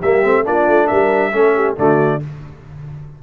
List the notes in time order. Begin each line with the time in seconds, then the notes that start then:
0.00 G3 A#3 G4 E5
0.22 A3 C4
0.44 A#3 D4 F4 D5
0.68 A3
0.87 G3 A#4 E5
1.32 A3 C#4 A4
1.55 G4
1.76 D3 A3 F#4 D5